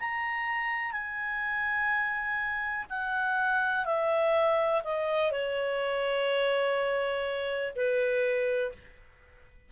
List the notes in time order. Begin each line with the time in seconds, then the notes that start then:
0.00 A#5
0.93 G#5
2.90 F#5
3.86 E5
4.85 D#5
5.32 C#5
7.76 B4